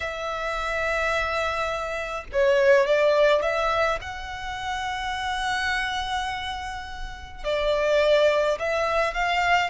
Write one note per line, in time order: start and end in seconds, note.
0.00 2.24 E5
2.32 2.86 C#5
2.86 3.42 D5
3.42 3.99 E5
4.01 7.44 F#5
7.44 8.58 D5
8.59 9.14 E5
9.14 9.70 F5